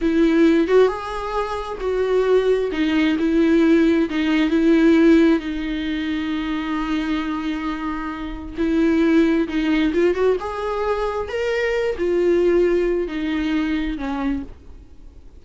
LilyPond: \new Staff \with { instrumentName = "viola" } { \time 4/4 \tempo 4 = 133 e'4. fis'8 gis'2 | fis'2 dis'4 e'4~ | e'4 dis'4 e'2 | dis'1~ |
dis'2. e'4~ | e'4 dis'4 f'8 fis'8 gis'4~ | gis'4 ais'4. f'4.~ | f'4 dis'2 cis'4 | }